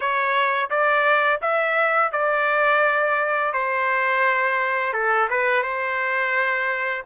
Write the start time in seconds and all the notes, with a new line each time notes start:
0.00 C#5
0.69 D5
1.41 E5
2.12 D5
3.53 C5
4.93 A4
5.29 B4
5.62 C5